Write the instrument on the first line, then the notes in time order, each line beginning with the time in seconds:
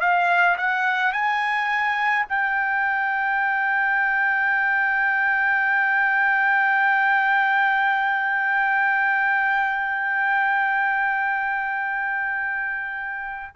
trumpet
0.00 F5
0.58 F#5
1.13 G#5
2.28 G5